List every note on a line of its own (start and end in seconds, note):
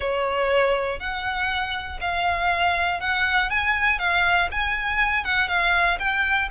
0.00 0.99 C#5
0.99 1.99 F#5
2.00 3.00 F5
3.00 3.50 F#5
3.50 3.98 G#5
3.98 4.48 F5
4.51 5.24 G#5
5.24 5.47 F#5
5.47 5.97 F5
5.99 6.49 G5